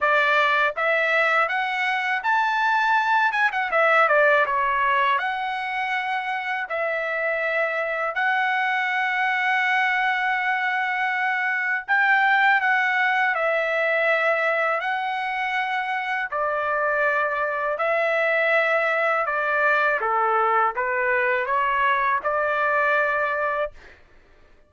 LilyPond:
\new Staff \with { instrumentName = "trumpet" } { \time 4/4 \tempo 4 = 81 d''4 e''4 fis''4 a''4~ | a''8 gis''16 fis''16 e''8 d''8 cis''4 fis''4~ | fis''4 e''2 fis''4~ | fis''1 |
g''4 fis''4 e''2 | fis''2 d''2 | e''2 d''4 a'4 | b'4 cis''4 d''2 | }